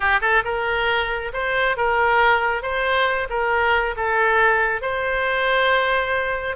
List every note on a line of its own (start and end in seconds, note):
0.00 0.20 G4
0.21 0.43 A4
0.44 1.32 A#4
1.33 1.76 C5
1.77 2.62 A#4
2.62 3.28 C5
3.29 3.95 A#4
3.96 4.81 A4
4.81 6.56 C5